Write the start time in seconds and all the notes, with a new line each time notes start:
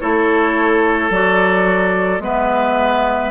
0.00 A3 E4 A4 C#5
1.10 F#3 F#4 D5
2.19 G#3 B3 B4 E5